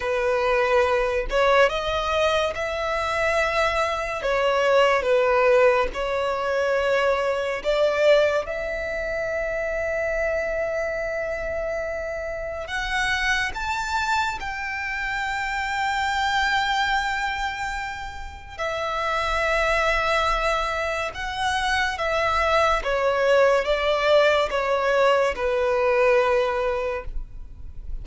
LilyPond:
\new Staff \with { instrumentName = "violin" } { \time 4/4 \tempo 4 = 71 b'4. cis''8 dis''4 e''4~ | e''4 cis''4 b'4 cis''4~ | cis''4 d''4 e''2~ | e''2. fis''4 |
a''4 g''2.~ | g''2 e''2~ | e''4 fis''4 e''4 cis''4 | d''4 cis''4 b'2 | }